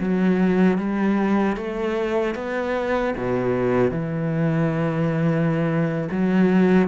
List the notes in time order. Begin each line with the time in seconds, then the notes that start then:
0.00 F#3
0.78 G3
1.57 A3
2.35 B3
3.17 B2
3.91 E3
6.11 F#3